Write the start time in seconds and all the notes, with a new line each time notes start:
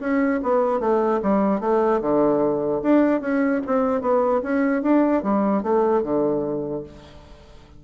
0.00 C#4
0.43 B3
0.80 A3
1.22 G3
1.61 A3
2.01 D3
2.82 D4
3.21 C#4
3.66 C4
4.01 B3
4.43 C#4
4.82 D4
5.23 G3
5.63 A3
6.03 D3